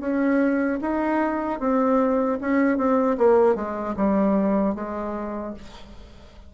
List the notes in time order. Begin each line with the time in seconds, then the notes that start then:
0.00 C#4
0.81 D#4
1.60 C4
2.41 C#4
2.77 C4
3.18 A#3
3.55 G#3
3.97 G3
4.75 G#3